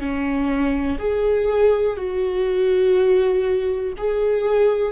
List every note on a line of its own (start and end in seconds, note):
0.00 0.98 C#4
0.99 1.97 G#4
1.97 3.93 F#4
3.97 4.92 G#4